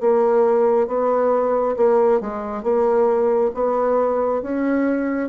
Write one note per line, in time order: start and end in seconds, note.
0.00 0.87 A#3
0.87 1.75 B3
1.76 2.21 A#3
2.21 2.62 G#3
2.62 3.51 A#3
3.54 4.42 B3
4.42 5.29 C#4